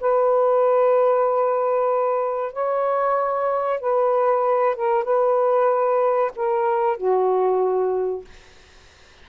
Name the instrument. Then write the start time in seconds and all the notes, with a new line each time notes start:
saxophone
0.00 B4
2.52 C#5
3.80 B4
4.75 A#4
5.04 B4
6.35 A#4
6.97 F#4